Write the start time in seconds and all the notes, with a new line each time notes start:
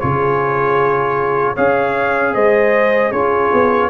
0.00 C#3 F4 G#4 C#5
1.55 C#4 G#4 C#5 F5
2.34 G#3 C5 D#5
3.12 C#4 F4 G#4 C#5
3.53 B3